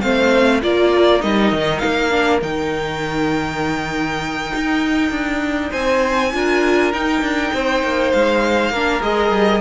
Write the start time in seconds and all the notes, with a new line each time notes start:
0.00 A3 C4 C5 F5
0.61 A#3 F4 A#4 D5
1.20 G3 D#4 D#5
1.52 D#3
1.79 F5
1.85 A#3
2.10 D4
2.40 D#3 D#4 G5
4.55 D#4
5.10 D4
5.70 C4 C5 G#5
6.33 D4 F4 A#4
6.92 D#4 G5
7.21 D4
7.53 C4 C5
7.83 A#3
8.12 G#3 F5
8.70 A#3 D4 A#4
9.01 G#3 G#4 D#5
9.30 G3